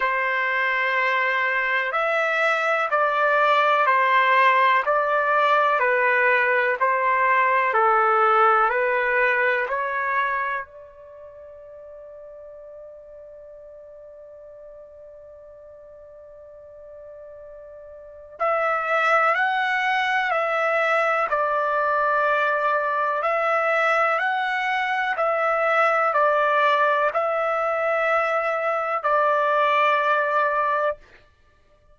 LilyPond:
\new Staff \with { instrumentName = "trumpet" } { \time 4/4 \tempo 4 = 62 c''2 e''4 d''4 | c''4 d''4 b'4 c''4 | a'4 b'4 cis''4 d''4~ | d''1~ |
d''2. e''4 | fis''4 e''4 d''2 | e''4 fis''4 e''4 d''4 | e''2 d''2 | }